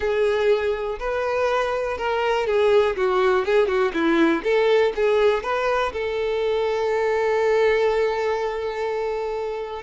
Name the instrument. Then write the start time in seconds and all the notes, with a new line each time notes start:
violin
0.00 G#4
0.99 B4
1.97 A#4
2.46 G#4
2.96 F#4
3.45 G#4
3.67 F#4
3.93 E4
4.43 A4
4.95 G#4
5.43 B4
5.92 A4